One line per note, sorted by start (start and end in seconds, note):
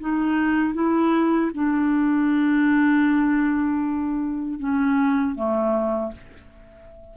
0.00 0.74 D#4
0.74 1.51 E4
1.54 4.59 D4
4.59 5.35 C#4
5.35 6.12 A3